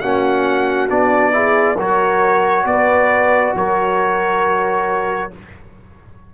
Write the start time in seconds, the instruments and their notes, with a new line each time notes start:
0.00 tuba A#3, trombone C#4, horn F#4, trumpet F#5
0.89 tuba B3, trombone D4, trumpet D5
1.32 trombone E4, horn G#4
1.77 tuba F#3, trombone F#4, horn A#4, trumpet C#5
2.65 tuba B3, horn B4, trumpet D5
3.55 tuba F#3, horn A#4, trumpet C#5